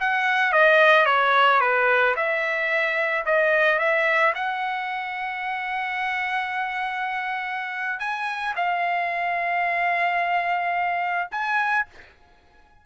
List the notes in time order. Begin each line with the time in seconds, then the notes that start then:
0.00 F#5
0.52 D#5
1.06 C#5
1.60 B4
2.16 E5
3.26 D#5
3.79 E5
4.35 F#5
8.00 G#5
8.56 F5
11.31 G#5